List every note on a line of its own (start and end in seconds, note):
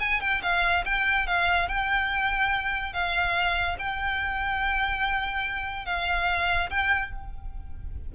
0.00 0.21 G#5
0.21 0.42 G5
0.43 0.85 F5
0.85 1.27 G5
1.27 1.68 F5
1.68 2.93 G5
2.93 3.77 F5
3.79 5.86 G5
5.86 6.70 F5
6.70 7.12 G5